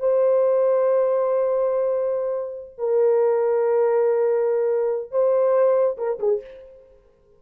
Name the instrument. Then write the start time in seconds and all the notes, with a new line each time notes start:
horn
0.00 C5
2.78 A#4
5.11 C5
5.98 A#4
6.20 G#4